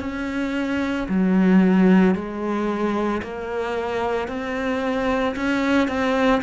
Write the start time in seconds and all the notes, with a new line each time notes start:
0.00 C#4
1.08 F#3
2.14 G#3
3.22 A#3
4.28 C4
5.36 C#4
5.88 C4